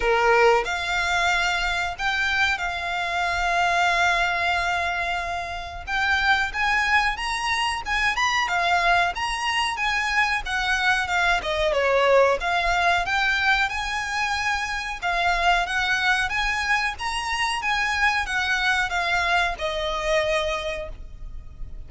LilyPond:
\new Staff \with { instrumentName = "violin" } { \time 4/4 \tempo 4 = 92 ais'4 f''2 g''4 | f''1~ | f''4 g''4 gis''4 ais''4 | gis''8 b''8 f''4 ais''4 gis''4 |
fis''4 f''8 dis''8 cis''4 f''4 | g''4 gis''2 f''4 | fis''4 gis''4 ais''4 gis''4 | fis''4 f''4 dis''2 | }